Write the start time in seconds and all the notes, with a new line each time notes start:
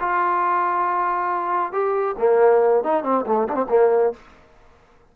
0.00 F4
1.72 G4
2.18 A#3
2.84 D#4
3.03 C4
3.26 A3
3.49 D4
3.55 C4
3.69 A#3